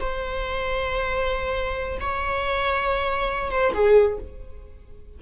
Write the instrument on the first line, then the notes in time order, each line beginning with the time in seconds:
viola
0.00 C5
2.00 C#5
3.50 C5
3.74 G#4